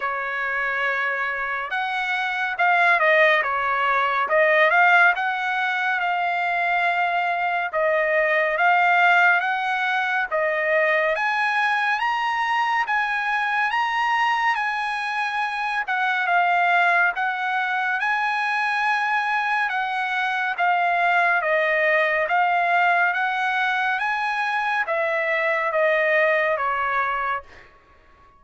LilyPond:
\new Staff \with { instrumentName = "trumpet" } { \time 4/4 \tempo 4 = 70 cis''2 fis''4 f''8 dis''8 | cis''4 dis''8 f''8 fis''4 f''4~ | f''4 dis''4 f''4 fis''4 | dis''4 gis''4 ais''4 gis''4 |
ais''4 gis''4. fis''8 f''4 | fis''4 gis''2 fis''4 | f''4 dis''4 f''4 fis''4 | gis''4 e''4 dis''4 cis''4 | }